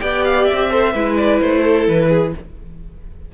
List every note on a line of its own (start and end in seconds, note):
0.00 0.49 B3
0.00 0.70 G4
0.00 0.70 D5
0.00 0.23 G5
0.24 0.44 F5
0.44 1.14 E5
0.52 0.94 C4
0.70 0.93 A4
0.70 0.93 C5
0.93 1.40 G#3
0.93 2.33 E4
0.93 1.61 B4
1.17 1.40 D5
1.41 1.87 A3
1.41 1.87 C5
1.61 2.07 A4
1.87 2.34 E3
1.87 2.34 B4
2.09 2.32 G#4